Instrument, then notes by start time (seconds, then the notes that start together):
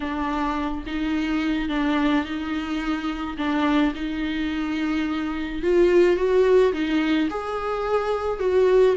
viola
0.00 D4
0.86 D#4
1.68 D4
2.24 D#4
3.37 D4
3.94 D#4
5.62 F4
6.16 F#4
6.72 D#4
7.30 G#4
8.39 F#4